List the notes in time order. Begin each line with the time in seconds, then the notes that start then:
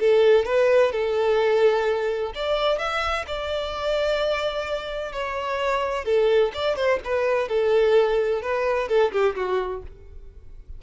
0.00 A4
0.45 B4
0.92 A4
2.35 D5
2.78 E5
3.27 D5
5.13 C#5
6.05 A4
6.54 D5
6.76 C5
7.05 B4
7.49 A4
8.42 B4
8.89 A4
9.12 G4
9.36 F#4